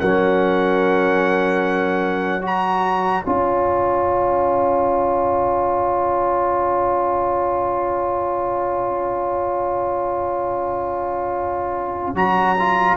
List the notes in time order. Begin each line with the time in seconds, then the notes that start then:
0.00 F#3 C#4 A#4 F#5
2.42 F#4 C#5 A#5
3.24 C#4 F4 G#5
12.15 F#3 F#4 A#5
12.59 F4